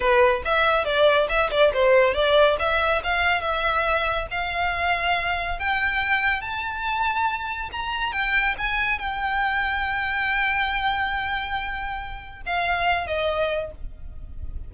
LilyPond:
\new Staff \with { instrumentName = "violin" } { \time 4/4 \tempo 4 = 140 b'4 e''4 d''4 e''8 d''8 | c''4 d''4 e''4 f''4 | e''2 f''2~ | f''4 g''2 a''4~ |
a''2 ais''4 g''4 | gis''4 g''2.~ | g''1~ | g''4 f''4. dis''4. | }